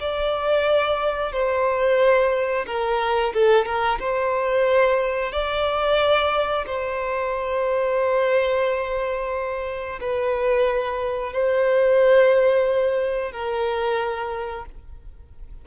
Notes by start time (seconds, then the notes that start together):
0.00 D5
1.32 C5
2.67 A#4
3.34 A4
3.65 A#4
3.99 C5
5.32 D5
6.66 C5
10.00 B4
11.33 C5
13.32 A#4